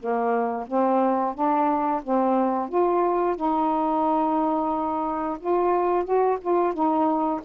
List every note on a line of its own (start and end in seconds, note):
0.00 0.67 A#3
0.67 1.35 C4
1.35 2.02 D4
2.03 2.69 C4
2.69 3.36 F4
3.36 5.38 D#4
5.40 6.05 F4
6.05 6.38 F#4
6.42 6.74 F4
6.74 7.41 D#4